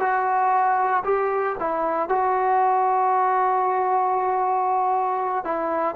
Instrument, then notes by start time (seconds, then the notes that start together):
trombone
0.00 F#4
1.05 G4
1.60 E4
2.09 F#4
5.45 E4